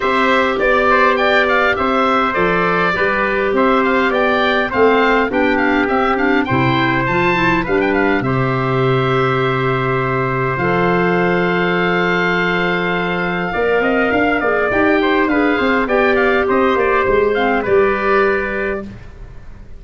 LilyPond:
<<
  \new Staff \with { instrumentName = "oboe" } { \time 4/4 \tempo 4 = 102 e''4 d''4 g''8 f''8 e''4 | d''2 e''8 f''8 g''4 | f''4 g''8 f''8 e''8 f''8 g''4 | a''4 f''16 g''16 f''8 e''2~ |
e''2 f''2~ | f''1~ | f''4 g''4 f''4 g''8 f''8 | dis''8 d''8 c''4 d''2 | }
  \new Staff \with { instrumentName = "trumpet" } { \time 4/4 c''4 d''8 c''8 d''4 c''4~ | c''4 b'4 c''4 d''4 | c''4 g'2 c''4~ | c''4 b'4 c''2~ |
c''1~ | c''2. d''8 dis''8 | f''8 d''4 c''8 b'8 c''8 d''4 | c''4. f''8 b'2 | }
  \new Staff \with { instrumentName = "clarinet" } { \time 4/4 g'1 | a'4 g'2. | c'4 d'4 c'8 d'8 e'4 | f'8 e'8 d'4 g'2~ |
g'2 a'2~ | a'2. ais'4~ | ais'8 gis'8 g'4 gis'4 g'4~ | g'4. c'8 g'2 | }
  \new Staff \with { instrumentName = "tuba" } { \time 4/4 c'4 b2 c'4 | f4 g4 c'4 b4 | a4 b4 c'4 c4 | f4 g4 c2~ |
c2 f2~ | f2. ais8 c'8 | d'8 ais8 dis'4 d'8 c'8 b4 | c'8 ais8 gis4 g2 | }
>>